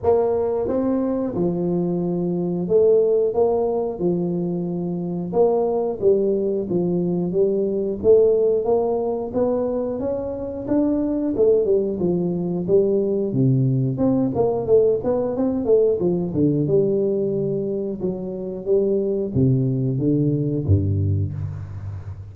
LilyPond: \new Staff \with { instrumentName = "tuba" } { \time 4/4 \tempo 4 = 90 ais4 c'4 f2 | a4 ais4 f2 | ais4 g4 f4 g4 | a4 ais4 b4 cis'4 |
d'4 a8 g8 f4 g4 | c4 c'8 ais8 a8 b8 c'8 a8 | f8 d8 g2 fis4 | g4 c4 d4 g,4 | }